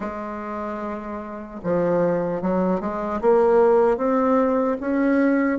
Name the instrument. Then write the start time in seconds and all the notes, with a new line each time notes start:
bassoon
0.00 G#3
1.63 F3
2.41 F#3
2.80 G#3
3.21 A#3
3.97 C4
4.80 C#4